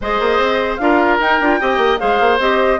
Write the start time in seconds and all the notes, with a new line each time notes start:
0.01 G#3 G#4 C5 D#5
0.19 A#3
0.38 C4
0.76 D4 F4 A#4 F5
1.19 D#4 G5
1.40 D4 F4
1.60 C4 G4 D#5
1.77 A#3
1.98 G#3 G#4 C5 F5
2.20 A#3
2.39 C4 G4 D#5